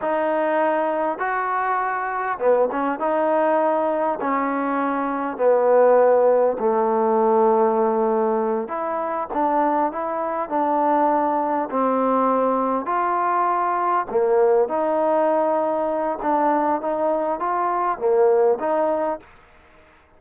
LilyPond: \new Staff \with { instrumentName = "trombone" } { \time 4/4 \tempo 4 = 100 dis'2 fis'2 | b8 cis'8 dis'2 cis'4~ | cis'4 b2 a4~ | a2~ a8 e'4 d'8~ |
d'8 e'4 d'2 c'8~ | c'4. f'2 ais8~ | ais8 dis'2~ dis'8 d'4 | dis'4 f'4 ais4 dis'4 | }